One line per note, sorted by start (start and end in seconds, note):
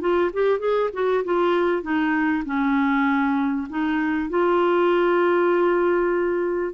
0.00 0.31 F4
0.33 0.59 G4
0.59 0.90 G#4
0.93 1.24 F#4
1.24 1.82 F4
1.82 2.43 D#4
2.45 3.67 C#4
3.70 4.29 D#4
4.29 6.73 F4